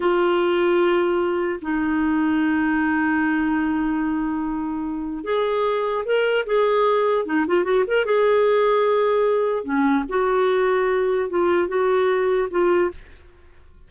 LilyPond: \new Staff \with { instrumentName = "clarinet" } { \time 4/4 \tempo 4 = 149 f'1 | dis'1~ | dis'1~ | dis'4 gis'2 ais'4 |
gis'2 dis'8 f'8 fis'8 ais'8 | gis'1 | cis'4 fis'2. | f'4 fis'2 f'4 | }